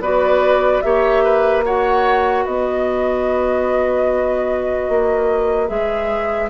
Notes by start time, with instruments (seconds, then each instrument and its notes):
0.00 bassoon B3, clarinet F#4, oboe B4, flute D5
0.82 bassoon A#3, clarinet G4, oboe C#5, flute E5
1.24 oboe B4
1.65 clarinet F#4, oboe C#5, flute F#5
2.45 bassoon B3, oboe B4, flute D#5
4.89 bassoon A#3
5.68 bassoon G#3, clarinet G#4, flute E5